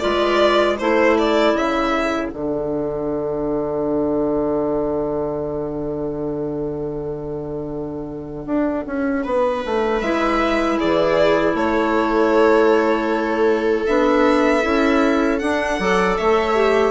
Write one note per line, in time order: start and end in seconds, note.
0.00 0.81 G#3
0.00 0.78 F4
0.00 0.80 B4
0.00 0.77 D5
0.80 1.54 A3
0.80 2.33 E4
0.80 9.25 A4
0.80 1.18 C5
1.19 1.57 D5
1.54 2.31 C#3
1.54 2.29 E5
2.29 8.47 D3
2.29 10.02 D4
2.29 9.99 F#5
8.47 8.85 D4
8.87 9.26 C#4
9.25 9.64 B3
9.25 10.78 B4
9.66 10.02 A3
10.02 10.79 G#3
10.02 13.88 E4
10.02 10.79 E5
10.78 11.55 E3
10.78 11.55 G#4
10.78 11.56 D5
11.55 13.86 A3
11.55 15.81 A4
11.55 13.87 C#5
13.87 14.65 B3
13.87 14.62 D4
13.87 15.39 E5
14.62 15.42 C#4
14.62 15.39 E4
15.39 15.80 D4
15.39 15.81 D4
15.39 16.16 F#5
15.80 16.18 F#3
15.80 16.56 A4
15.80 16.19 D5
16.18 16.92 A3
16.18 16.92 C#5
16.18 16.92 E5
16.56 16.92 G4